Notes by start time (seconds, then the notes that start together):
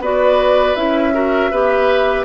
0.00 B3 F#4 B4 D5
0.76 C#4 E4 E5
1.14 F#4 A#4
1.51 B3 G4 B4